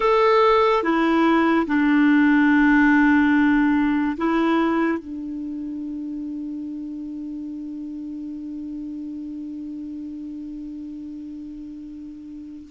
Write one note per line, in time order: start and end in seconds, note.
0.00 0.83 A4
0.83 1.66 E4
1.66 4.16 D4
4.17 4.98 E4
4.98 12.69 D4